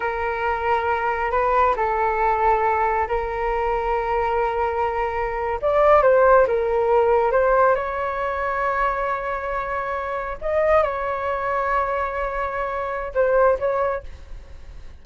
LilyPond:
\new Staff \with { instrumentName = "flute" } { \time 4/4 \tempo 4 = 137 ais'2. b'4 | a'2. ais'4~ | ais'1~ | ais'8. d''4 c''4 ais'4~ ais'16~ |
ais'8. c''4 cis''2~ cis''16~ | cis''2.~ cis''8. dis''16~ | dis''8. cis''2.~ cis''16~ | cis''2 c''4 cis''4 | }